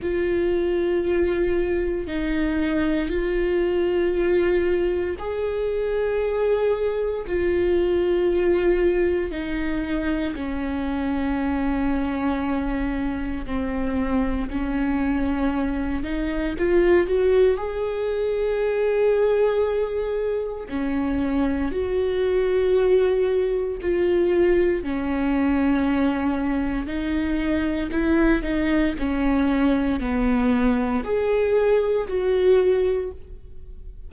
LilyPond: \new Staff \with { instrumentName = "viola" } { \time 4/4 \tempo 4 = 58 f'2 dis'4 f'4~ | f'4 gis'2 f'4~ | f'4 dis'4 cis'2~ | cis'4 c'4 cis'4. dis'8 |
f'8 fis'8 gis'2. | cis'4 fis'2 f'4 | cis'2 dis'4 e'8 dis'8 | cis'4 b4 gis'4 fis'4 | }